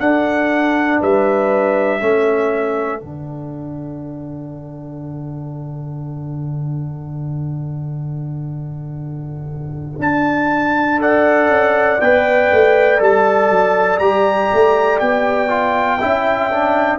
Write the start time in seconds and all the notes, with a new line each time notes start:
0.00 D4 A4 F#5
1.01 G3 B4 E5
2.00 A3 C#4 A4
3.00 D3 D4 F#5
9.99 D4 A5
10.99 A4 D5 F#5
11.49 C#4
12.01 B3 B4 G5
12.52 A3
12.99 G3 A4 A5
13.50 F#3
13.99 G3 G4 A#5
14.54 A3
15.00 B3 G5
15.49 F4
16.00 C#4 E4 E5
16.52 D4